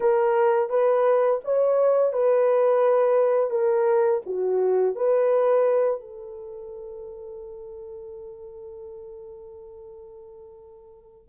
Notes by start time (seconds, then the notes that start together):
0.00 A#4
0.69 B4
1.44 C#5
2.12 B4
3.50 A#4
4.25 F#4
4.95 B4
6.00 A4